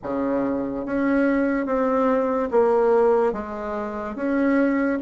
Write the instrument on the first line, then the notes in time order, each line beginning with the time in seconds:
bassoon
0.03 C#3
0.85 C#4
1.66 C4
2.51 A#3
3.33 G#3
4.15 C#4